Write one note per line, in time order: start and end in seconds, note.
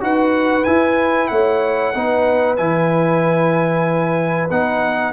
0.00 0.66 D#4
0.00 0.64 F#4
0.00 1.31 B4
0.00 0.64 F#5
0.64 1.94 E4
0.64 1.31 E4
0.64 1.27 G#5
1.27 1.94 A3
1.27 1.95 C#5
1.27 2.55 F#5
1.94 2.59 B3
1.94 2.57 D#4
1.94 5.12 B4
2.57 4.50 E3
2.57 4.49 E4
2.57 4.48 G#5
4.50 5.12 B3
4.50 5.12 D#4
4.50 5.12 F#5